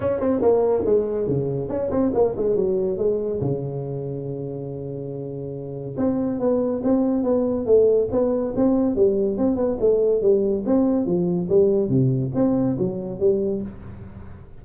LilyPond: \new Staff \with { instrumentName = "tuba" } { \time 4/4 \tempo 4 = 141 cis'8 c'8 ais4 gis4 cis4 | cis'8 c'8 ais8 gis8 fis4 gis4 | cis1~ | cis2 c'4 b4 |
c'4 b4 a4 b4 | c'4 g4 c'8 b8 a4 | g4 c'4 f4 g4 | c4 c'4 fis4 g4 | }